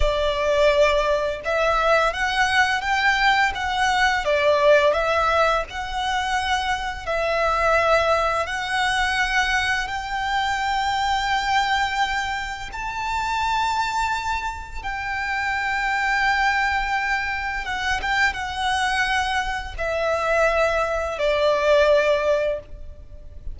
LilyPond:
\new Staff \with { instrumentName = "violin" } { \time 4/4 \tempo 4 = 85 d''2 e''4 fis''4 | g''4 fis''4 d''4 e''4 | fis''2 e''2 | fis''2 g''2~ |
g''2 a''2~ | a''4 g''2.~ | g''4 fis''8 g''8 fis''2 | e''2 d''2 | }